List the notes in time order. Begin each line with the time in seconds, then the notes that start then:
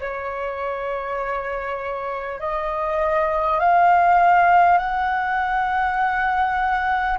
0.00 C#5
2.40 D#5
3.60 F5
4.78 F#5